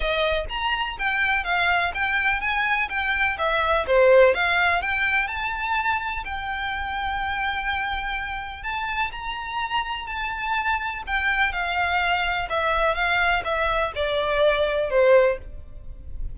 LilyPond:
\new Staff \with { instrumentName = "violin" } { \time 4/4 \tempo 4 = 125 dis''4 ais''4 g''4 f''4 | g''4 gis''4 g''4 e''4 | c''4 f''4 g''4 a''4~ | a''4 g''2.~ |
g''2 a''4 ais''4~ | ais''4 a''2 g''4 | f''2 e''4 f''4 | e''4 d''2 c''4 | }